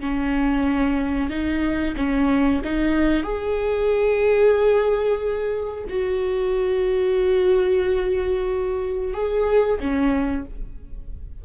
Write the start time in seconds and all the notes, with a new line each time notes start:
0.00 C#4
1.30 D#4
1.97 C#4
2.64 D#4
3.23 G#4
5.89 F#4
9.13 G#4
9.80 C#4